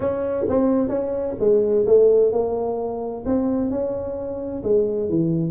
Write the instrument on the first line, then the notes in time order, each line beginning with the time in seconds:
tuba
0.00 C#4
0.48 C4
0.89 C#4
1.39 G#3
1.86 A3
2.32 A#3
3.25 C4
3.70 C#4
4.63 G#3
5.09 E3